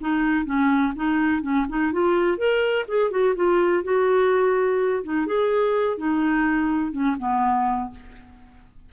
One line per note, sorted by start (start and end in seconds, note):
0.00 0.45 D#4
0.45 0.93 C#4
0.95 1.42 D#4
1.42 1.66 C#4
1.68 1.92 D#4
1.92 2.37 F4
2.37 2.85 A#4
2.88 3.10 G#4
3.10 3.34 F#4
3.35 3.83 F4
3.83 5.03 F#4
5.03 5.26 D#4
5.26 5.97 G#4
5.97 6.92 D#4
6.92 7.16 C#4
7.18 7.90 B3